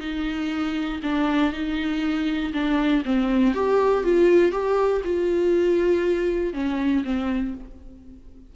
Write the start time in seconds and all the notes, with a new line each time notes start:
0.00 D#4
1.03 D4
1.52 D#4
2.53 D4
3.04 C4
3.54 G4
4.03 F4
4.51 G4
5.04 F4
6.53 C#4
7.04 C4